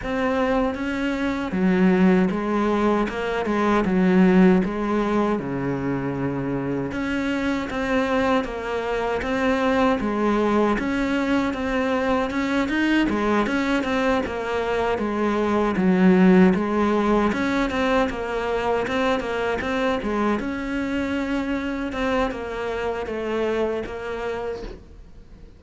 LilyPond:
\new Staff \with { instrumentName = "cello" } { \time 4/4 \tempo 4 = 78 c'4 cis'4 fis4 gis4 | ais8 gis8 fis4 gis4 cis4~ | cis4 cis'4 c'4 ais4 | c'4 gis4 cis'4 c'4 |
cis'8 dis'8 gis8 cis'8 c'8 ais4 gis8~ | gis8 fis4 gis4 cis'8 c'8 ais8~ | ais8 c'8 ais8 c'8 gis8 cis'4.~ | cis'8 c'8 ais4 a4 ais4 | }